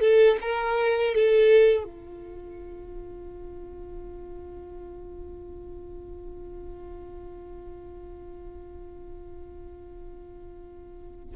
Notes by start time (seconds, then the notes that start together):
0.00 A4
0.41 A#4
1.14 A4
1.84 F4